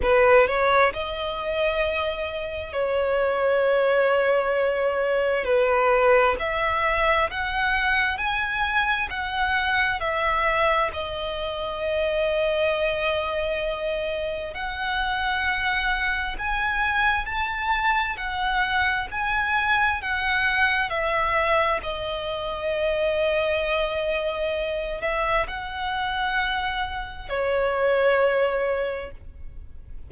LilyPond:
\new Staff \with { instrumentName = "violin" } { \time 4/4 \tempo 4 = 66 b'8 cis''8 dis''2 cis''4~ | cis''2 b'4 e''4 | fis''4 gis''4 fis''4 e''4 | dis''1 |
fis''2 gis''4 a''4 | fis''4 gis''4 fis''4 e''4 | dis''2.~ dis''8 e''8 | fis''2 cis''2 | }